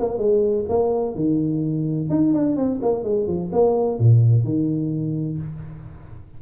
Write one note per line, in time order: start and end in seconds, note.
0.00 0.18 A#3
0.18 0.66 G#3
0.70 1.16 A#3
1.16 2.10 D#3
2.10 2.34 D#4
2.34 2.57 D4
2.57 2.80 C4
2.83 3.04 A#3
3.04 3.27 G#3
3.27 3.51 F3
3.53 3.99 A#3
3.99 4.45 A#2
4.45 5.39 D#3